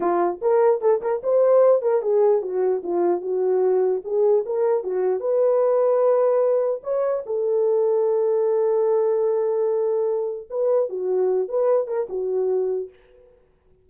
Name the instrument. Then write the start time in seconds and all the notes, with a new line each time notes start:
horn
0.00 F4
0.41 A#4
0.81 A4
1.01 A#4
1.23 C5
1.81 A#4
2.02 G#4
2.42 F#4
2.83 F4
3.21 F#4
4.04 G#4
4.45 A#4
4.83 F#4
5.20 B4
6.83 C#5
7.25 A4
10.50 B4
10.89 F#4
11.48 B4
11.87 A#4
12.09 F#4